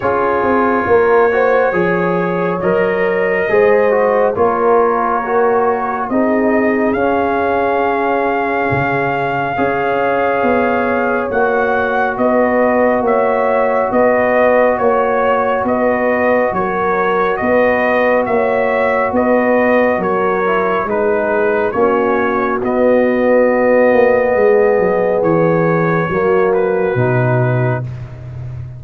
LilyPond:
<<
  \new Staff \with { instrumentName = "trumpet" } { \time 4/4 \tempo 4 = 69 cis''2. dis''4~ | dis''4 cis''2 dis''4 | f''1~ | f''4 fis''4 dis''4 e''4 |
dis''4 cis''4 dis''4 cis''4 | dis''4 e''4 dis''4 cis''4 | b'4 cis''4 dis''2~ | dis''4 cis''4. b'4. | }
  \new Staff \with { instrumentName = "horn" } { \time 4/4 gis'4 ais'8 c''8 cis''2 | c''4 ais'2 gis'4~ | gis'2. cis''4~ | cis''2 b'4 cis''4 |
b'4 cis''4 b'4 ais'4 | b'4 cis''4 b'4 ais'4 | gis'4 fis'2. | gis'2 fis'2 | }
  \new Staff \with { instrumentName = "trombone" } { \time 4/4 f'4. fis'8 gis'4 ais'4 | gis'8 fis'8 f'4 fis'4 dis'4 | cis'2. gis'4~ | gis'4 fis'2.~ |
fis'1~ | fis'2.~ fis'8 e'8 | dis'4 cis'4 b2~ | b2 ais4 dis'4 | }
  \new Staff \with { instrumentName = "tuba" } { \time 4/4 cis'8 c'8 ais4 f4 fis4 | gis4 ais2 c'4 | cis'2 cis4 cis'4 | b4 ais4 b4 ais4 |
b4 ais4 b4 fis4 | b4 ais4 b4 fis4 | gis4 ais4 b4. ais8 | gis8 fis8 e4 fis4 b,4 | }
>>